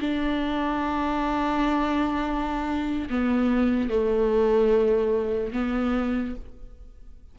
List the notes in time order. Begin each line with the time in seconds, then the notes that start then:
0.00 D4
3.09 B3
3.89 A3
5.53 B3